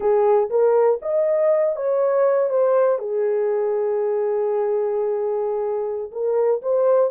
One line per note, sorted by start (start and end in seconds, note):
0.00 0.49 G#4
0.50 1.00 A#4
1.02 1.76 D#5
1.76 2.49 C#5
2.49 2.98 C5
2.98 6.11 G#4
6.11 6.61 A#4
6.62 7.10 C5